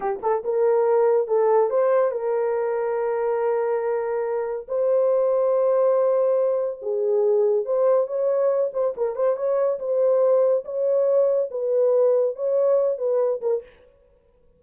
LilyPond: \new Staff \with { instrumentName = "horn" } { \time 4/4 \tempo 4 = 141 g'8 a'8 ais'2 a'4 | c''4 ais'2.~ | ais'2. c''4~ | c''1 |
gis'2 c''4 cis''4~ | cis''8 c''8 ais'8 c''8 cis''4 c''4~ | c''4 cis''2 b'4~ | b'4 cis''4. b'4 ais'8 | }